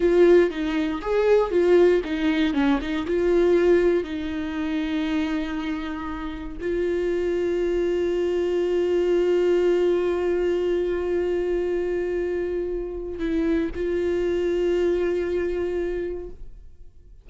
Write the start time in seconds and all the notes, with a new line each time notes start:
0.00 F4
0.50 D#4
1.01 G#4
1.50 F4
2.04 D#4
2.53 C#4
2.81 D#4
3.06 F4
4.03 D#4
6.60 F4
13.19 E4
13.75 F4